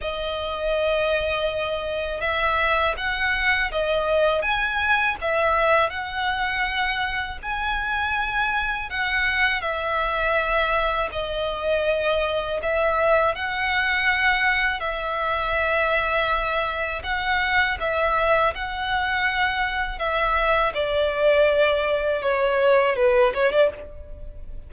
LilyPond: \new Staff \with { instrumentName = "violin" } { \time 4/4 \tempo 4 = 81 dis''2. e''4 | fis''4 dis''4 gis''4 e''4 | fis''2 gis''2 | fis''4 e''2 dis''4~ |
dis''4 e''4 fis''2 | e''2. fis''4 | e''4 fis''2 e''4 | d''2 cis''4 b'8 cis''16 d''16 | }